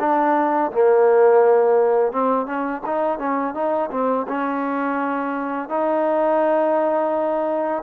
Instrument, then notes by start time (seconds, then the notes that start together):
trombone
0.00 D4
0.72 A#3
2.13 C4
2.46 C#4
2.86 D#4
3.19 C#4
3.55 D#4
3.91 C4
4.28 C#4
5.69 D#4